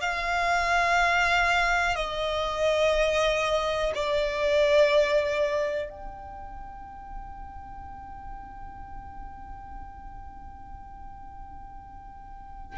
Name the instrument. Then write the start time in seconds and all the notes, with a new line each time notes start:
violin
0.00 F5
1.96 D#5
3.95 D5
5.90 G5